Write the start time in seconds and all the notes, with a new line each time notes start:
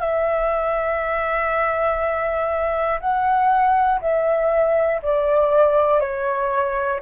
0.00 E5
3.01 F#5
4.02 E5
5.02 D5
6.00 C#5